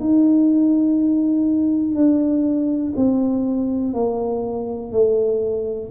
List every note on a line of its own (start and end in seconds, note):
0.00 1.95 D#4
1.95 2.93 D4
2.96 3.93 C4
3.93 4.92 A#3
4.92 5.90 A3